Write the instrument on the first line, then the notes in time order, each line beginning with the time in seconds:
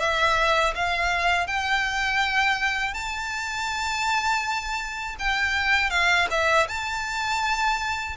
violin
0.00 E5
0.75 F5
1.47 G5
2.94 A5
5.19 G5
5.91 F5
6.31 E5
6.68 A5